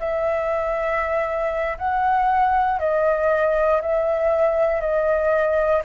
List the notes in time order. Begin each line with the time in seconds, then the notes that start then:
0.00 E5
1.78 F#5
2.80 D#5
3.82 E5
4.81 D#5